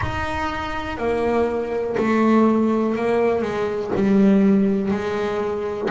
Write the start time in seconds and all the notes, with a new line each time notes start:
0.01 D#4
0.97 A#3
1.97 A3
2.95 A#3
3.42 G#3
3.95 G3
4.91 G#3